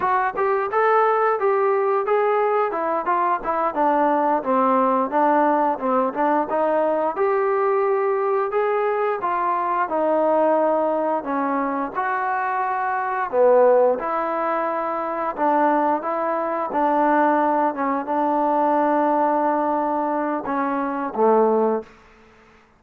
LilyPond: \new Staff \with { instrumentName = "trombone" } { \time 4/4 \tempo 4 = 88 fis'8 g'8 a'4 g'4 gis'4 | e'8 f'8 e'8 d'4 c'4 d'8~ | d'8 c'8 d'8 dis'4 g'4.~ | g'8 gis'4 f'4 dis'4.~ |
dis'8 cis'4 fis'2 b8~ | b8 e'2 d'4 e'8~ | e'8 d'4. cis'8 d'4.~ | d'2 cis'4 a4 | }